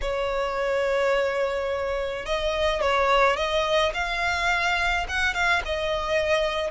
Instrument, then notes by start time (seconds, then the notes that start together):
violin
0.01 C#5
2.25 D#5
2.81 C#5
3.36 D#5
3.94 F5
5.08 F#5
5.33 F5
5.65 D#5